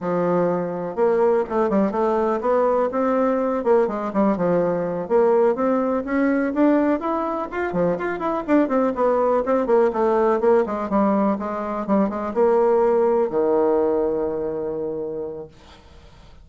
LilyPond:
\new Staff \with { instrumentName = "bassoon" } { \time 4/4 \tempo 4 = 124 f2 ais4 a8 g8 | a4 b4 c'4. ais8 | gis8 g8 f4. ais4 c'8~ | c'8 cis'4 d'4 e'4 f'8 |
f8 f'8 e'8 d'8 c'8 b4 c'8 | ais8 a4 ais8 gis8 g4 gis8~ | gis8 g8 gis8 ais2 dis8~ | dis1 | }